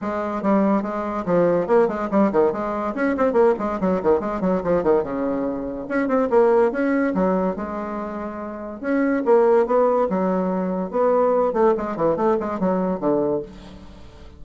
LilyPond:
\new Staff \with { instrumentName = "bassoon" } { \time 4/4 \tempo 4 = 143 gis4 g4 gis4 f4 | ais8 gis8 g8 dis8 gis4 cis'8 c'8 | ais8 gis8 fis8 dis8 gis8 fis8 f8 dis8 | cis2 cis'8 c'8 ais4 |
cis'4 fis4 gis2~ | gis4 cis'4 ais4 b4 | fis2 b4. a8 | gis8 e8 a8 gis8 fis4 d4 | }